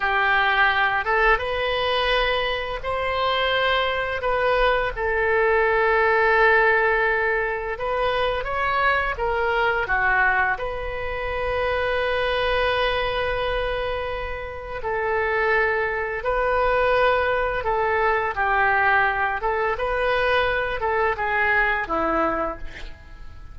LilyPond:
\new Staff \with { instrumentName = "oboe" } { \time 4/4 \tempo 4 = 85 g'4. a'8 b'2 | c''2 b'4 a'4~ | a'2. b'4 | cis''4 ais'4 fis'4 b'4~ |
b'1~ | b'4 a'2 b'4~ | b'4 a'4 g'4. a'8 | b'4. a'8 gis'4 e'4 | }